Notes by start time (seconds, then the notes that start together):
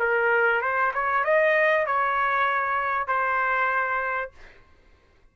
0.00 A#4
0.62 C5
0.94 C#5
1.25 D#5
1.86 C#5
3.08 C5